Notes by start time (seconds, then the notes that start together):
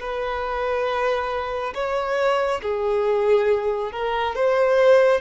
0.00 B4
1.75 C#5
2.62 G#4
3.92 A#4
4.36 C5